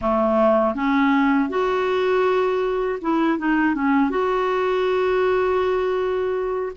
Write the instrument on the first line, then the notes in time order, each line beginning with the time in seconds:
clarinet
0.01 A3
0.74 C#4
1.49 F#4
3.01 E4
3.38 D#4
3.74 C#4
4.09 F#4